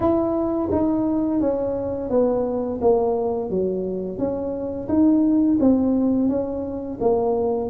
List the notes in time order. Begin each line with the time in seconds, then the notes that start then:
0.00 E4
0.71 D#4
1.40 C#4
2.10 B3
2.81 A#3
3.49 F#3
4.18 C#4
4.88 D#4
5.60 C4
6.28 C#4
7.00 A#3